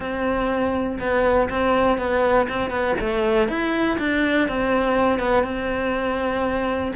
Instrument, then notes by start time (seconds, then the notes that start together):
cello
0.00 C4
0.99 B3
1.49 C4
1.98 B3
2.48 C4
2.70 B3
3.00 A3
3.48 E4
3.98 D4
4.48 C4
5.19 B3
5.43 C4